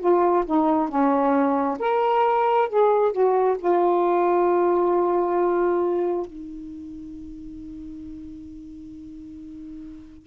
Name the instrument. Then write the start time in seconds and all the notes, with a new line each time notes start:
saxophone
0.00 F4
0.46 D#4
0.89 C#4
1.80 A#4
2.69 G#4
3.13 F#4
3.59 F4
6.27 D#4